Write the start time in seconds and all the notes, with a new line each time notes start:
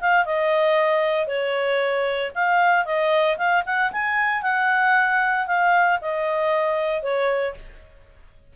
0.00 F5
0.25 D#5
1.27 C#5
2.35 F5
2.85 D#5
3.37 F5
3.65 F#5
3.92 G#5
4.42 F#5
5.47 F5
6.01 D#5
7.02 C#5